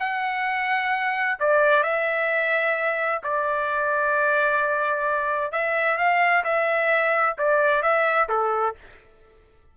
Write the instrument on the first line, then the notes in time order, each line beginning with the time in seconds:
trumpet
0.00 F#5
1.40 D5
1.84 E5
3.23 D5
5.52 E5
5.98 F5
6.44 E5
7.38 D5
7.83 E5
8.29 A4